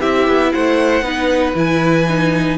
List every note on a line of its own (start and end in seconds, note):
0.00 0.27 C4
0.00 1.03 E4
0.00 0.51 G4
0.00 0.52 E5
0.27 0.53 B3
0.52 1.01 A3
0.52 1.04 C5
0.52 1.55 F#5
1.01 1.53 B3
1.01 1.54 D#4
1.01 2.57 B4
1.54 2.57 E3
1.54 2.06 E4
1.54 2.57 G#5
2.08 2.57 D#4